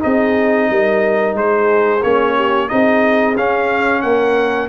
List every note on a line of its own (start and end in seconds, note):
0.00 0.70 C4
0.00 2.00 D#4
0.00 0.70 G#4
0.00 1.36 D#5
0.70 1.34 G3
0.70 1.37 A#4
1.34 2.01 G#3
1.34 2.35 G#4
1.34 2.03 C5
2.03 2.70 A#3
2.03 2.68 C#4
2.03 2.69 C#5
2.35 2.69 G4
2.68 3.37 C4
2.68 3.35 D#4
2.68 4.03 G#4
2.68 3.36 D#5
3.37 4.04 C#4
3.37 4.69 C#4
3.37 4.02 F5
4.02 4.69 A#3
4.02 4.69 A#4
4.02 4.68 F#5